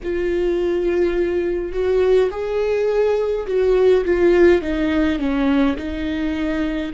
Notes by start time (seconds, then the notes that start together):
0.03 F4
1.72 F#4
2.31 G#4
3.46 F#4
4.04 F4
4.62 D#4
5.18 C#4
5.76 D#4